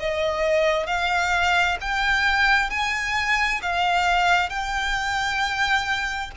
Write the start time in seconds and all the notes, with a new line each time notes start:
0.00 D#5
0.87 F5
1.81 G5
2.70 G#5
3.62 F5
4.50 G5